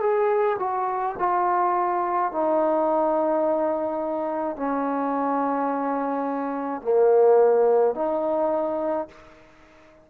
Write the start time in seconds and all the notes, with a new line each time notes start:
0.00 G#4
0.59 F#4
1.18 F4
2.32 D#4
4.56 C#4
6.81 A#3
7.95 D#4